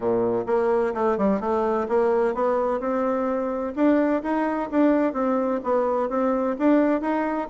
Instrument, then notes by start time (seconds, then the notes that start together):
bassoon
0.00 A#2
0.46 A#3
0.94 A3
1.17 G3
1.40 A3
1.88 A#3
2.34 B3
2.80 C4
3.75 D4
4.23 D#4
4.70 D4
5.13 C4
5.63 B3
6.09 C4
6.59 D4
7.01 D#4